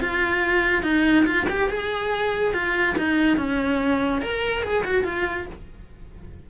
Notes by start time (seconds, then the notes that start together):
0.00 F4
0.83 D#4
1.26 F4
1.49 G4
1.70 G#4
2.54 F4
2.98 D#4
3.37 C#4
4.22 A#4
4.63 G#4
4.84 F#4
5.04 F4